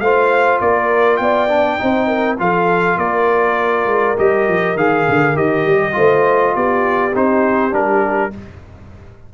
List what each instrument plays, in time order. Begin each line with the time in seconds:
0.00 tuba A3, trombone F4, horn C5, trumpet F5
0.61 tuba A#3, horn A#4, trumpet D5
1.17 tuba B3, horn D5, trumpet G5
1.49 trombone D4
1.78 tuba C4, trombone D#4, horn C5
2.08 horn A#4
2.38 tuba F3, trombone F4, horn A4, trumpet F5
2.97 tuba A#3, horn A#4, trumpet D5
3.86 tuba G#3
4.17 tuba G3, trombone G4, trumpet D#5
4.48 tuba F3
4.75 tuba D#3, trombone G#4, trumpet F5
5.08 tuba D3
5.35 tuba D#3, trombone G4, trumpet D#5
5.66 tuba G3
5.93 tuba A3, trombone F4, horn C5
6.55 tuba B3, horn G4, trumpet D5
7.15 tuba C4, trombone D#4, trumpet C5
7.71 tuba G3, trombone D4, trumpet A#4